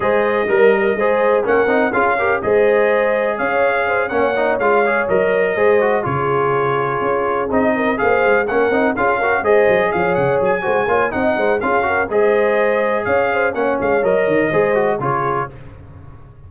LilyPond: <<
  \new Staff \with { instrumentName = "trumpet" } { \time 4/4 \tempo 4 = 124 dis''2. fis''4 | f''4 dis''2 f''4~ | f''8 fis''4 f''4 dis''4.~ | dis''8 cis''2. dis''8~ |
dis''8 f''4 fis''4 f''4 dis''8~ | dis''8 f''8 fis''8 gis''4. fis''4 | f''4 dis''2 f''4 | fis''8 f''8 dis''2 cis''4 | }
  \new Staff \with { instrumentName = "horn" } { \time 4/4 c''4 ais'4 c''4 ais'4 | gis'8 ais'8 c''2 cis''4 | c''8 cis''2. c''8~ | c''8 gis'2.~ gis'8 |
ais'8 c''4 ais'4 gis'8 ais'8 c''8~ | c''8 cis''4. c''8 cis''8 dis''8 c''8 | gis'8 ais'8 c''2 cis''8 c''8 | cis''2 c''4 gis'4 | }
  \new Staff \with { instrumentName = "trombone" } { \time 4/4 gis'4 ais'4 gis'4 cis'8 dis'8 | f'8 g'8 gis'2.~ | gis'8 cis'8 dis'8 f'8 gis'8 ais'4 gis'8 | fis'8 f'2. dis'8~ |
dis'8 gis'4 cis'8 dis'8 f'8 fis'8 gis'8~ | gis'2 fis'8 f'8 dis'4 | f'8 fis'8 gis'2. | cis'4 ais'4 gis'8 fis'8 f'4 | }
  \new Staff \with { instrumentName = "tuba" } { \time 4/4 gis4 g4 gis4 ais8 c'8 | cis'4 gis2 cis'4~ | cis'8 ais4 gis4 fis4 gis8~ | gis8 cis2 cis'4 c'8~ |
c'8 ais8 gis8 ais8 c'8 cis'4 gis8 | fis8 f8 cis8 fis8 gis8 ais8 c'8 gis8 | cis'4 gis2 cis'4 | ais8 gis8 fis8 dis8 gis4 cis4 | }
>>